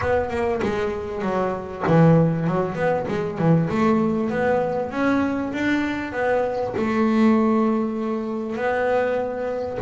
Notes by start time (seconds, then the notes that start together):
0.01 B3
0.29 A#3
0.62 G#3
1.22 F#3
1.87 E3
2.47 F#3
2.75 B3
3.08 G#3
3.38 E3
3.69 A3
4.30 B3
4.91 C#4
5.52 D4
6.12 B3
6.76 A3
8.55 B3